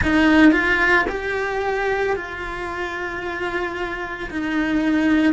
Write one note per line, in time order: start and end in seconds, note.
0.02 0.52 D#4
0.52 1.05 F4
1.09 2.15 G4
2.15 4.30 F4
4.30 5.33 D#4